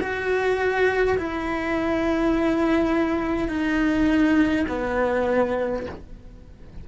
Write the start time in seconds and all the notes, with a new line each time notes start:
0.00 F#4
1.18 E4
3.49 D#4
4.68 B3